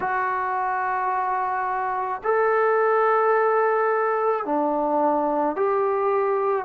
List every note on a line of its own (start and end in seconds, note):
0.00 2.21 F#4
2.23 4.44 A4
4.44 5.56 D4
5.56 6.65 G4